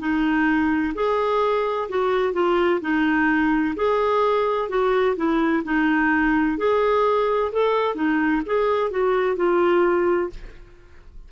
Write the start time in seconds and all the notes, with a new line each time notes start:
0.00 D#4
0.95 G#4
1.89 F#4
2.34 F4
2.81 D#4
3.76 G#4
4.69 F#4
5.16 E4
5.64 D#4
6.58 G#4
7.53 A4
7.95 D#4
8.46 G#4
8.91 F#4
9.36 F4